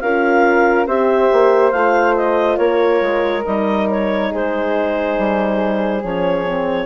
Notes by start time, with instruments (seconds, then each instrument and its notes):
0.00 bassoon C#4, horn F4, flute A#4, clarinet F5
0.86 bassoon C4, horn G4, flute C5, clarinet E5
1.32 bassoon A#3
1.71 bassoon A3, horn F4, clarinet F5
2.16 clarinet D#5
2.57 bassoon A#3, flute A#4, clarinet C#5
3.01 bassoon G#3
3.45 bassoon G3, horn D#4, clarinet D#5
3.90 clarinet C#5
4.30 bassoon G#3, flute G#4, clarinet C5
5.18 bassoon G3
6.02 bassoon F3, horn C#4, clarinet C#5
6.45 horn C4